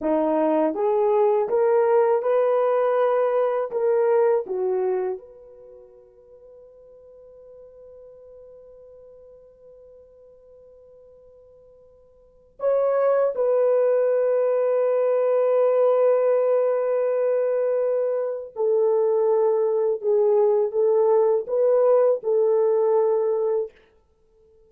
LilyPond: \new Staff \with { instrumentName = "horn" } { \time 4/4 \tempo 4 = 81 dis'4 gis'4 ais'4 b'4~ | b'4 ais'4 fis'4 b'4~ | b'1~ | b'1~ |
b'4 cis''4 b'2~ | b'1~ | b'4 a'2 gis'4 | a'4 b'4 a'2 | }